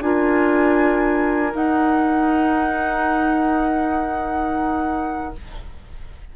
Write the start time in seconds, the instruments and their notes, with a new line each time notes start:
0.00 bassoon D4, clarinet F4, oboe A#4, flute G#5
1.52 clarinet D#4, bassoon D#4, flute F#5